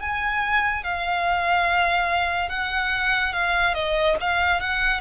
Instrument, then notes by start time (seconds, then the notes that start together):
violin
0.00 G#5
0.83 F5
2.49 F#5
3.33 F5
3.74 D#5
4.21 F5
4.61 F#5